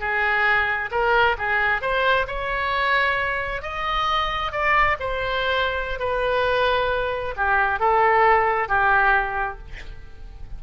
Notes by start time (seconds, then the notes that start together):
0.00 G#4
0.91 A#4
1.38 G#4
1.81 C5
2.27 C#5
3.62 D#5
4.52 D5
5.00 C5
5.99 B4
7.36 G4
7.80 A4
8.68 G4